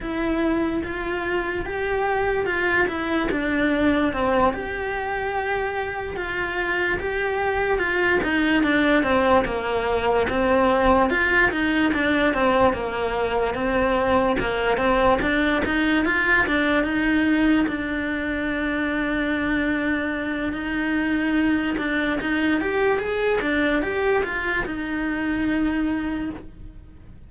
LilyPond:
\new Staff \with { instrumentName = "cello" } { \time 4/4 \tempo 4 = 73 e'4 f'4 g'4 f'8 e'8 | d'4 c'8 g'2 f'8~ | f'8 g'4 f'8 dis'8 d'8 c'8 ais8~ | ais8 c'4 f'8 dis'8 d'8 c'8 ais8~ |
ais8 c'4 ais8 c'8 d'8 dis'8 f'8 | d'8 dis'4 d'2~ d'8~ | d'4 dis'4. d'8 dis'8 g'8 | gis'8 d'8 g'8 f'8 dis'2 | }